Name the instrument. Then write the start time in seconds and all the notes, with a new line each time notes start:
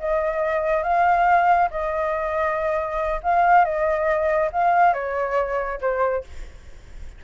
flute
0.00 D#5
0.83 F5
1.71 D#5
3.23 F5
3.65 D#5
4.52 F5
4.94 C#5
5.81 C5